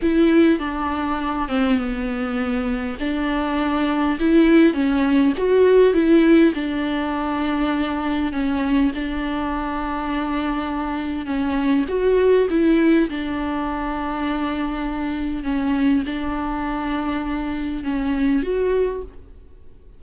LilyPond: \new Staff \with { instrumentName = "viola" } { \time 4/4 \tempo 4 = 101 e'4 d'4. c'8 b4~ | b4 d'2 e'4 | cis'4 fis'4 e'4 d'4~ | d'2 cis'4 d'4~ |
d'2. cis'4 | fis'4 e'4 d'2~ | d'2 cis'4 d'4~ | d'2 cis'4 fis'4 | }